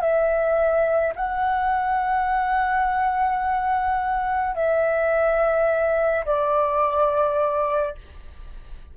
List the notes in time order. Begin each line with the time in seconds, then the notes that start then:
0.00 E5
1.16 F#5
4.55 E5
6.25 D5